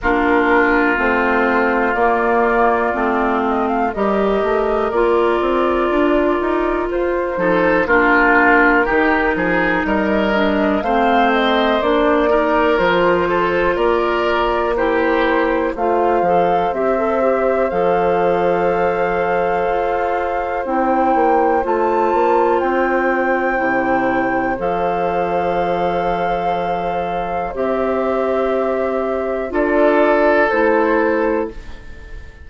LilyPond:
<<
  \new Staff \with { instrumentName = "flute" } { \time 4/4 \tempo 4 = 61 ais'4 c''4 d''4. dis''16 f''16 | dis''4 d''2 c''4 | ais'2 dis''4 f''8 dis''8 | d''4 c''4 d''4 c''4 |
f''4 e''4 f''2~ | f''4 g''4 a''4 g''4~ | g''4 f''2. | e''2 d''4 c''4 | }
  \new Staff \with { instrumentName = "oboe" } { \time 4/4 f'1 | ais'2.~ ais'8 a'8 | f'4 g'8 gis'8 ais'4 c''4~ | c''8 ais'4 a'8 ais'4 g'4 |
c''1~ | c''1~ | c''1~ | c''2 a'2 | }
  \new Staff \with { instrumentName = "clarinet" } { \time 4/4 d'4 c'4 ais4 c'4 | g'4 f'2~ f'8 dis'8 | d'4 dis'4. d'8 c'4 | d'8 dis'8 f'2 e'4 |
f'8 a'8 g'16 a'16 g'8 a'2~ | a'4 e'4 f'2 | e'4 a'2. | g'2 f'4 e'4 | }
  \new Staff \with { instrumentName = "bassoon" } { \time 4/4 ais4 a4 ais4 a4 | g8 a8 ais8 c'8 d'8 dis'8 f'8 f8 | ais4 dis8 f8 g4 a4 | ais4 f4 ais2 |
a8 f8 c'4 f2 | f'4 c'8 ais8 a8 ais8 c'4 | c4 f2. | c'2 d'4 a4 | }
>>